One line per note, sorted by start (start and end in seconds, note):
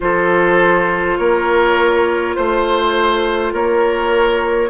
0.00 1.18 F3
0.00 4.68 F4
0.00 1.19 A4
0.00 1.17 C5
1.17 2.36 A#3
1.17 2.36 A#4
1.17 2.34 C#5
2.35 3.52 A3
2.35 3.52 C5
2.35 3.53 C5
3.52 4.69 A#3
3.52 4.69 A#4
3.52 4.69 C#5